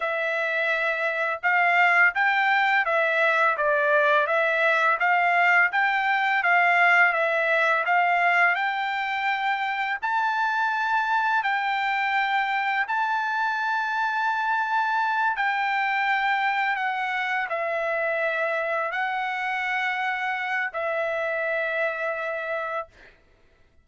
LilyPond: \new Staff \with { instrumentName = "trumpet" } { \time 4/4 \tempo 4 = 84 e''2 f''4 g''4 | e''4 d''4 e''4 f''4 | g''4 f''4 e''4 f''4 | g''2 a''2 |
g''2 a''2~ | a''4. g''2 fis''8~ | fis''8 e''2 fis''4.~ | fis''4 e''2. | }